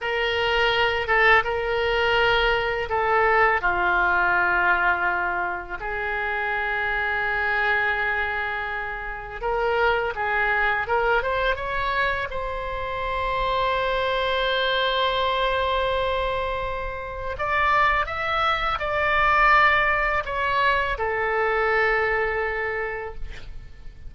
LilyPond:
\new Staff \with { instrumentName = "oboe" } { \time 4/4 \tempo 4 = 83 ais'4. a'8 ais'2 | a'4 f'2. | gis'1~ | gis'4 ais'4 gis'4 ais'8 c''8 |
cis''4 c''2.~ | c''1 | d''4 e''4 d''2 | cis''4 a'2. | }